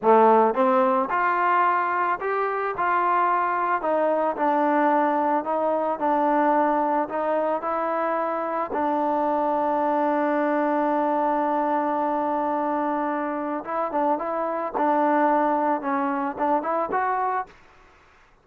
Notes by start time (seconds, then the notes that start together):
0.02 A3
0.54 C4
1.10 F4
2.20 G4
2.77 F4
3.81 D#4
4.36 D4
5.44 D#4
5.99 D4
7.09 D#4
7.61 E4
8.72 D4
13.64 E4
13.91 D4
14.18 E4
14.77 D4
15.81 C#4
16.38 D4
16.62 E4
16.91 F#4